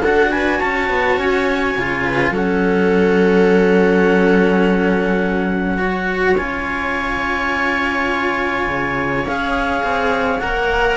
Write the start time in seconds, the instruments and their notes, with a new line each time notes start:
0.00 cello D4 F#4, viola A4, clarinet F#5
0.31 viola B4, clarinet G#5
0.59 cello C#4, viola C#5, clarinet A5
0.89 cello B3
1.17 cello C#4, clarinet G#5
1.76 cello C#3 F4
2.05 viola B4
2.31 cello F#3 C#4, viola A4, clarinet F#5
5.78 cello F#4, viola C#5
6.36 cello C#4 F4, clarinet G#5
8.67 cello C#3
9.24 cello C#4 G#4, clarinet F5
9.83 cello C4
10.39 cello A#3 A#4, clarinet F#5